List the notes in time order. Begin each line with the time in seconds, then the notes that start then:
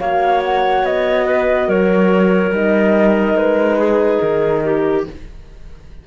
0.00 A#3 F#4 C#5 F5
0.44 F#5
0.84 B3 D#5
1.27 B4
1.68 F#3 A#4 C#5
2.52 G3 D#4 D#5
3.34 G#3 B4
3.79 G#4
4.21 D#3 A#4
4.65 G4